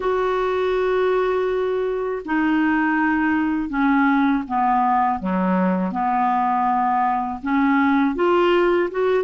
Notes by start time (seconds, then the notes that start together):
0.00 F#4
2.25 D#4
3.69 C#4
4.47 B3
5.19 F#3
5.91 B3
7.42 C#4
8.15 F4
8.91 F#4